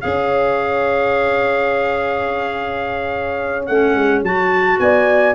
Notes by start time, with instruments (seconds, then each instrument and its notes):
0.00 tuba C#4, clarinet G#4, horn C#5, trumpet F5
3.66 tuba A3, clarinet C#4, trumpet F#5
3.94 tuba G#3
4.22 tuba F#3, clarinet F#4, trumpet A5
4.79 tuba B3, horn D5, trumpet G#5